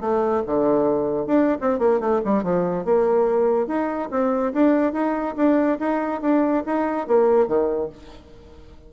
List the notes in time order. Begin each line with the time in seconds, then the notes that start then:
0.00 A3
0.46 D3
1.26 D4
1.61 C4
1.79 A#3
2.00 A3
2.25 G3
2.43 F3
2.85 A#3
3.67 D#4
4.11 C4
4.53 D4
4.93 D#4
5.36 D4
5.79 D#4
6.21 D4
6.66 D#4
7.07 A#3
7.47 D#3